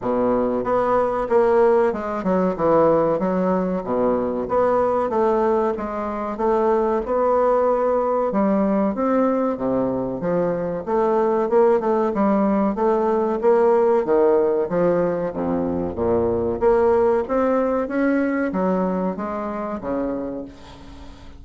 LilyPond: \new Staff \with { instrumentName = "bassoon" } { \time 4/4 \tempo 4 = 94 b,4 b4 ais4 gis8 fis8 | e4 fis4 b,4 b4 | a4 gis4 a4 b4~ | b4 g4 c'4 c4 |
f4 a4 ais8 a8 g4 | a4 ais4 dis4 f4 | f,4 ais,4 ais4 c'4 | cis'4 fis4 gis4 cis4 | }